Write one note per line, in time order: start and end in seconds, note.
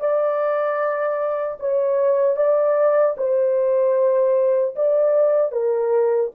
0.00 1.58 D5
1.59 2.36 C#5
2.36 3.15 D5
3.17 4.75 C5
4.75 5.52 D5
5.52 6.31 A#4